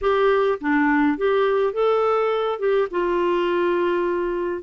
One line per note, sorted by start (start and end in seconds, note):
0.01 0.58 G4
0.61 1.17 D4
1.17 1.73 G4
1.73 2.59 A4
2.59 2.88 G4
2.91 4.62 F4